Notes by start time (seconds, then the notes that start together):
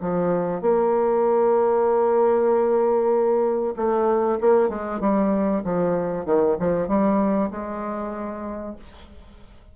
0.00 F3
0.61 A#3
3.76 A3
4.40 A#3
4.69 G#3
5.00 G3
5.63 F3
6.25 D#3
6.59 F3
6.88 G3
7.50 G#3